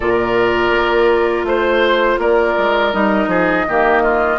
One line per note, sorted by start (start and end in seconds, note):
0.00 0.71 A#2
0.00 2.93 F4
0.00 1.45 A#4
0.00 1.46 D5
0.71 1.43 A#3
1.43 2.17 A3
1.43 2.19 C5
1.43 2.20 C5
2.18 2.54 A#3
2.18 3.29 A#4
2.18 2.93 D5
2.57 2.93 G#3
2.93 3.27 G3
2.93 3.66 D#4
2.93 4.38 D#5
3.27 3.64 F3
3.27 3.66 G#4
3.68 4.38 D#3
3.68 4.38 A#3
3.68 4.02 G4
4.02 4.38 F4